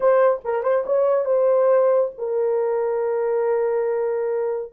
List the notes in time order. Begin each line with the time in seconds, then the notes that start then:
0.00 C5
0.44 A#4
0.63 C5
0.86 C#5
1.25 C5
2.18 A#4